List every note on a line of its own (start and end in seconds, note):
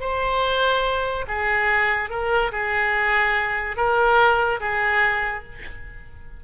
0.00 1.25 C5
1.28 2.09 G#4
2.09 2.51 A#4
2.52 3.76 G#4
3.76 4.59 A#4
4.60 5.43 G#4